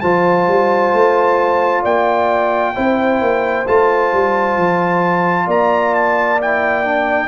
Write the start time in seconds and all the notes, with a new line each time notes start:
0.00 F3 F4 C5 A5
0.47 G3
0.93 A3
1.82 A#3 D5 G5
2.74 C4 E4 C5
3.21 A#3
3.67 A3 F4 A5
4.12 G3
4.57 F3
5.46 A#3 D5 A#5
5.94 A5
6.41 E4 G5
6.84 D4